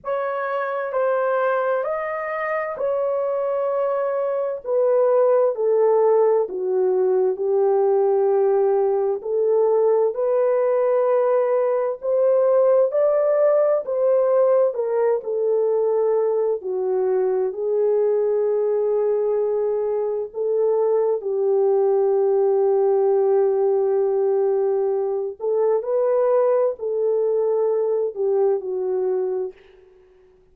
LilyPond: \new Staff \with { instrumentName = "horn" } { \time 4/4 \tempo 4 = 65 cis''4 c''4 dis''4 cis''4~ | cis''4 b'4 a'4 fis'4 | g'2 a'4 b'4~ | b'4 c''4 d''4 c''4 |
ais'8 a'4. fis'4 gis'4~ | gis'2 a'4 g'4~ | g'2.~ g'8 a'8 | b'4 a'4. g'8 fis'4 | }